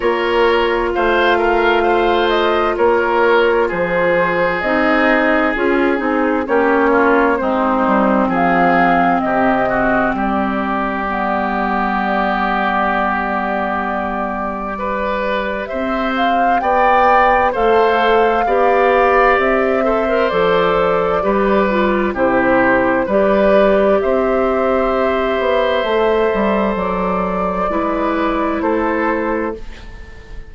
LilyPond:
<<
  \new Staff \with { instrumentName = "flute" } { \time 4/4 \tempo 4 = 65 cis''4 f''4. dis''8 cis''4 | c''4 dis''4 gis'4 cis''4 | c''4 f''4 dis''4 d''4~ | d''1~ |
d''4 e''8 f''8 g''4 f''4~ | f''4 e''4 d''2 | c''4 d''4 e''2~ | e''4 d''2 c''4 | }
  \new Staff \with { instrumentName = "oboe" } { \time 4/4 ais'4 c''8 ais'8 c''4 ais'4 | gis'2. g'8 f'8 | dis'4 gis'4 g'8 fis'8 g'4~ | g'1 |
b'4 c''4 d''4 c''4 | d''4. c''4. b'4 | g'4 b'4 c''2~ | c''2 b'4 a'4 | }
  \new Staff \with { instrumentName = "clarinet" } { \time 4/4 f'1~ | f'4 dis'4 f'8 dis'8 cis'4 | c'1 | b1 |
g'2. a'4 | g'4. a'16 ais'16 a'4 g'8 f'8 | e'4 g'2. | a'2 e'2 | }
  \new Staff \with { instrumentName = "bassoon" } { \time 4/4 ais4 a2 ais4 | f4 c'4 cis'8 c'8 ais4 | gis8 g8 f4 c4 g4~ | g1~ |
g4 c'4 b4 a4 | b4 c'4 f4 g4 | c4 g4 c'4. b8 | a8 g8 fis4 gis4 a4 | }
>>